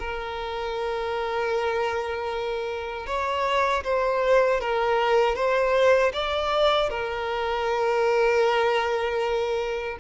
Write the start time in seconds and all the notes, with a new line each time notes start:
0.00 A#4
3.07 C#5
3.84 C5
4.61 A#4
5.36 C5
6.13 D5
6.90 A#4